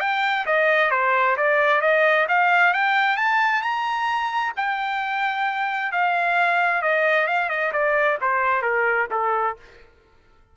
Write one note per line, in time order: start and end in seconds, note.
0.00 0.45 G5
0.46 0.91 D#5
0.91 1.36 C5
1.37 1.81 D5
1.81 2.27 D#5
2.28 2.74 F5
2.74 3.17 G5
3.17 3.62 A5
3.62 4.53 A#5
4.57 5.92 G5
5.92 6.82 F5
6.82 7.27 D#5
7.27 7.49 F5
7.49 7.72 D#5
7.73 8.18 D5
8.21 8.62 C5
8.62 9.07 A#4
9.11 9.56 A4